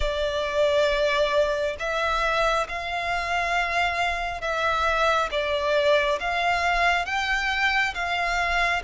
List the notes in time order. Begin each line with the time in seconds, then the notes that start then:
0.00 D5
1.79 E5
2.68 F5
4.41 E5
5.31 D5
6.20 F5
7.05 G5
7.94 F5